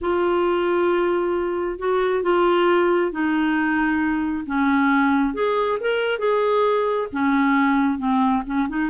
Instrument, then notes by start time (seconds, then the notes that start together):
clarinet
0.01 F4
1.78 F#4
2.22 F4
3.11 D#4
4.46 C#4
5.34 G#4
5.80 A#4
6.18 G#4
7.12 C#4
7.98 C4
8.46 C#4
8.68 D#4